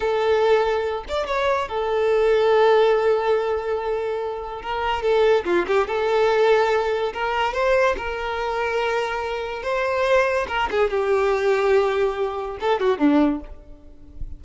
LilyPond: \new Staff \with { instrumentName = "violin" } { \time 4/4 \tempo 4 = 143 a'2~ a'8 d''8 cis''4 | a'1~ | a'2. ais'4 | a'4 f'8 g'8 a'2~ |
a'4 ais'4 c''4 ais'4~ | ais'2. c''4~ | c''4 ais'8 gis'8 g'2~ | g'2 a'8 fis'8 d'4 | }